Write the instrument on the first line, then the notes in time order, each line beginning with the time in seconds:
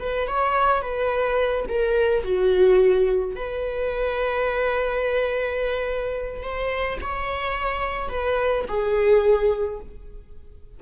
viola
0.00 B4
0.28 C#5
0.82 B4
1.69 A#4
2.24 F#4
3.36 B4
6.43 C5
7.02 C#5
8.10 B4
8.68 G#4